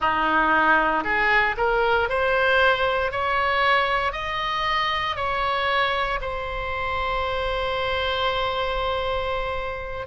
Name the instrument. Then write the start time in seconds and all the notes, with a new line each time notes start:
oboe
0.00 D#4
1.03 G#4
1.57 A#4
2.09 C5
3.11 C#5
4.12 D#5
5.16 C#5
6.21 C5